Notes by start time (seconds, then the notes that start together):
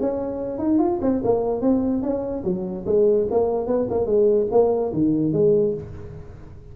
0.00 C#4
0.58 D#4
0.78 F4
1.01 C4
1.24 A#3
1.61 C4
2.02 C#4
2.44 F#3
2.86 G#3
3.30 A#3
3.66 B3
3.90 A#3
4.06 G#3
4.51 A#3
4.92 D#3
5.32 G#3